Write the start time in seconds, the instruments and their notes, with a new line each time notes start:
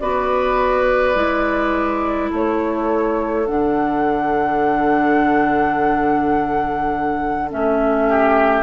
0.00 bassoon B3, clarinet F#4, oboe B4, flute D5
1.15 bassoon G#3, clarinet E4
2.30 bassoon A3, oboe A4, flute C#5
3.47 bassoon D3, clarinet D4, flute F#5
7.50 bassoon A3, clarinet C#4, flute E5
8.09 oboe G4